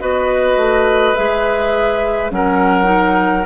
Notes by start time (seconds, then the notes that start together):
0.00 B3 F#4 B4 D#5
0.57 A3
1.16 G#3 G#4 E5
2.31 F#3 C#4 A#4 F#5
2.84 D#4